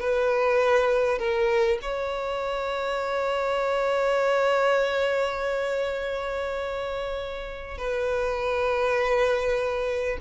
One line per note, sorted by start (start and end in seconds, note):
0.00 1.19 B4
1.19 1.79 A#4
1.82 7.78 C#5
7.78 10.18 B4